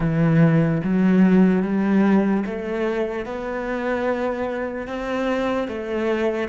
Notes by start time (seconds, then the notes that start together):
0.00 E3
0.83 F#3
1.62 G3
2.45 A3
3.25 B3
4.86 C4
5.68 A3